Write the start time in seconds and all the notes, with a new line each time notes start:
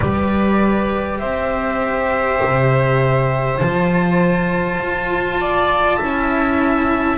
0.00 G3 G4 B4 D5
1.18 C4 C5 E5
2.43 C3
3.57 F3 F4 A5
4.80 F4
5.40 D5
5.97 C#4 E4 E5